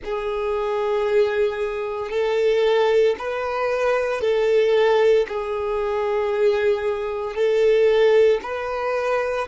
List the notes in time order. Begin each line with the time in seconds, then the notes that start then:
0.04 G#4
2.10 A4
3.18 B4
4.21 A4
5.27 G#4
7.34 A4
8.42 B4